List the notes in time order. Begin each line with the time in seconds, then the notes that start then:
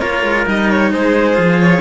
0.00 A#3 F4 A#4 C#5
0.23 G#3
0.45 G3 D#4 D#5
0.70 C#5
0.92 G#3 G#4 C5
1.34 F3 F4
1.60 C#5